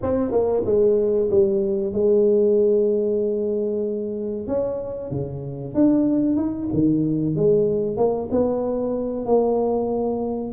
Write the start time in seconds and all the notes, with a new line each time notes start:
0.02 C4
0.31 A#3
0.65 G#3
1.30 G3
1.93 G#3
4.47 C#4
5.10 C#3
5.74 D4
6.36 D#4
6.73 D#3
7.35 G#3
7.96 A#3
8.31 B3
9.26 A#3